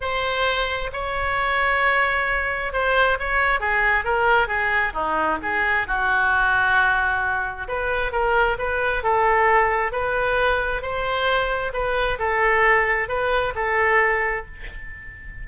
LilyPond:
\new Staff \with { instrumentName = "oboe" } { \time 4/4 \tempo 4 = 133 c''2 cis''2~ | cis''2 c''4 cis''4 | gis'4 ais'4 gis'4 dis'4 | gis'4 fis'2.~ |
fis'4 b'4 ais'4 b'4 | a'2 b'2 | c''2 b'4 a'4~ | a'4 b'4 a'2 | }